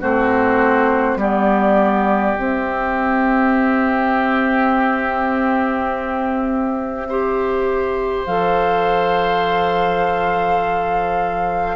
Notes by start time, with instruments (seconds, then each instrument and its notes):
0.00 bassoon A3, clarinet C4, oboe F#4, flute C5
1.16 bassoon G3, clarinet B3, oboe G4, flute D5
2.37 clarinet C4, bassoon C4, flute E5
7.09 clarinet G4, oboe C5
8.25 bassoon F3, clarinet A4, flute F5